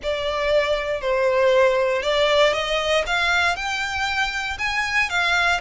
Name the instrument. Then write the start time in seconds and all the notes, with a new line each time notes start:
violin
0.03 D5
1.01 C5
2.02 D5
2.53 D#5
3.06 F5
3.55 G5
4.58 G#5
5.09 F5